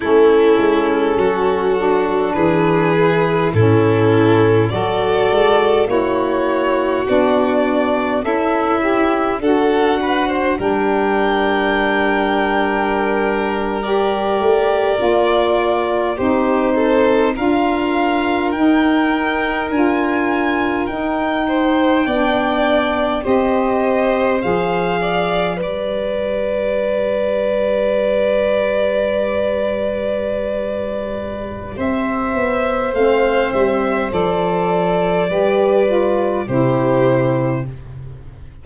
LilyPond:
<<
  \new Staff \with { instrumentName = "violin" } { \time 4/4 \tempo 4 = 51 a'2 b'4 a'4 | d''4 cis''4 d''4 e''4 | fis''4 g''2~ g''8. d''16~ | d''4.~ d''16 c''4 f''4 g''16~ |
g''8. gis''4 g''2 dis''16~ | dis''8. f''4 d''2~ d''16~ | d''2. e''4 | f''8 e''8 d''2 c''4 | }
  \new Staff \with { instrumentName = "violin" } { \time 4/4 e'4 fis'4 gis'4 e'4 | a'4 fis'2 e'4 | a'8 b'16 c''16 ais'2.~ | ais'4.~ ais'16 g'8 a'8 ais'4~ ais'16~ |
ais'2~ ais'16 c''8 d''4 c''16~ | c''4~ c''16 d''8 b'2~ b'16~ | b'2. c''4~ | c''2 b'4 g'4 | }
  \new Staff \with { instrumentName = "saxophone" } { \time 4/4 cis'4. d'4 e'8 cis'4 | fis'4 e'4 d'4 a'8 g'8 | fis'4 d'2~ d'8. g'16~ | g'8. f'4 dis'4 f'4 dis'16~ |
dis'8. f'4 dis'4 d'4 g'16~ | g'8. gis'4 g'2~ g'16~ | g'1 | c'4 a'4 g'8 f'8 e'4 | }
  \new Staff \with { instrumentName = "tuba" } { \time 4/4 a8 gis8 fis4 e4 a,4 | fis8 gis8 ais4 b4 cis'4 | d'4 g2.~ | g16 a8 ais4 c'4 d'4 dis'16~ |
dis'8. d'4 dis'4 b4 c'16~ | c'8. f4 g2~ g16~ | g2. c'8 b8 | a8 g8 f4 g4 c4 | }
>>